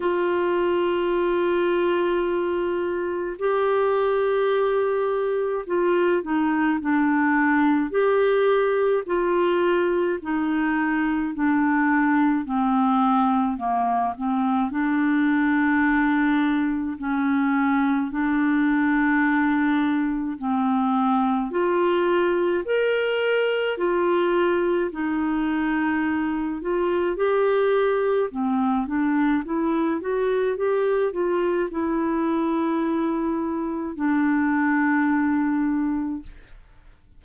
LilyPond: \new Staff \with { instrumentName = "clarinet" } { \time 4/4 \tempo 4 = 53 f'2. g'4~ | g'4 f'8 dis'8 d'4 g'4 | f'4 dis'4 d'4 c'4 | ais8 c'8 d'2 cis'4 |
d'2 c'4 f'4 | ais'4 f'4 dis'4. f'8 | g'4 c'8 d'8 e'8 fis'8 g'8 f'8 | e'2 d'2 | }